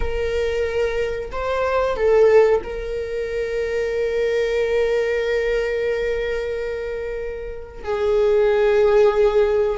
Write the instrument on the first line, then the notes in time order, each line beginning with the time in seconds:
viola
0.00 A#4
1.31 C5
1.96 A4
2.63 A#4
7.83 G#4